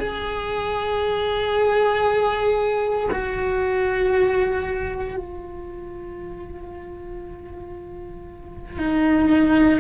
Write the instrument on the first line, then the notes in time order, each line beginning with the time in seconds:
cello
0.00 G#4
3.12 F#4
5.17 F4
8.78 D#4